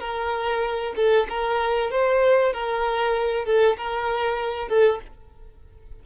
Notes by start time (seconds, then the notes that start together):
0.00 A#4
0.96 A4
1.29 A#4
1.91 C5
2.53 A#4
3.45 A4
3.77 A#4
4.68 A4